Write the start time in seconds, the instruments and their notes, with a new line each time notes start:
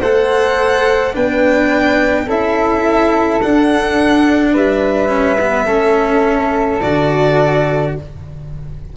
0.00 tuba A3, cello A4, flute C5, violin F#5
1.13 tuba B3, cello D4, flute B4, violin G5
2.26 tuba C#4, cello E4, flute A4, violin E5
3.41 cello D4, tuba D4, violin F#5
4.53 tuba G3, flute B4, violin E5
5.08 cello C#4
5.40 cello B3
5.66 tuba A3, cello C#4, flute A4
6.81 tuba D3, cello F#4, violin D5